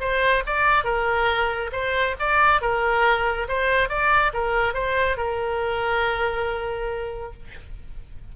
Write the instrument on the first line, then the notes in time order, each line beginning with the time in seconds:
oboe
0.00 C5
0.46 D5
0.84 A#4
1.72 C5
2.19 D5
2.61 A#4
3.48 C5
3.89 D5
4.33 A#4
4.73 C5
5.17 A#4